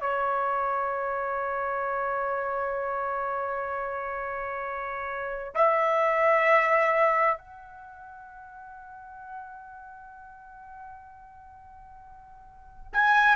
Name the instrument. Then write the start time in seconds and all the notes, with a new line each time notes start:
trumpet
0.00 C#5
5.54 E5
7.38 F#5
12.93 G#5